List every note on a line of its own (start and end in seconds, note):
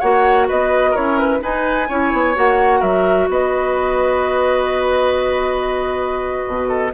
0.00 0.50 A#3
0.00 0.97 F#4
0.00 0.48 C#5
0.00 0.47 F#5
0.48 0.95 B3
0.48 0.91 B4
0.48 0.96 D#5
0.91 1.42 E4
0.91 1.38 A#4
0.91 1.19 C#5
0.97 1.40 C#4
1.19 1.43 B4
1.40 1.87 D#4
1.40 1.90 D#4
1.40 1.89 B4
1.40 2.37 G#5
1.89 2.13 C#4
1.89 2.35 E4
1.89 2.80 C#5
2.13 2.37 B3
2.35 2.83 A#3
2.35 6.92 F#4
2.35 2.82 F#5
2.80 3.29 F#3
2.80 3.27 A#4
2.80 3.29 E5
3.29 6.46 B3
3.29 6.69 B4
3.29 6.94 D#5
6.47 6.94 B2
6.69 6.92 A4